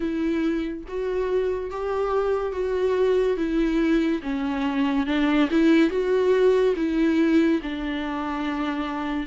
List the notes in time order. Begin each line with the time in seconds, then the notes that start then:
0.00 E4
0.88 F#4
1.71 G4
2.52 F#4
3.36 E4
4.22 C#4
5.06 D4
5.50 E4
5.90 F#4
6.76 E4
7.62 D4